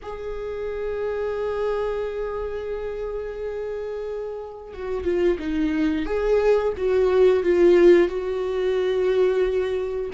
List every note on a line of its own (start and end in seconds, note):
0.02 4.73 G#4
4.73 5.04 F#4
5.04 5.37 F4
5.39 6.05 D#4
6.05 6.73 G#4
6.77 7.43 F#4
7.43 8.08 F4
8.08 10.10 F#4